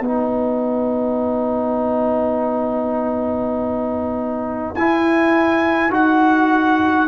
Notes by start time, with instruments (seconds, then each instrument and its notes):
0.00 tuba B3, trombone D#4, horn B4, trumpet F#5
4.75 tuba E4, trombone E4, trumpet G#5
5.88 tuba D#4, trombone F#4, trumpet F#5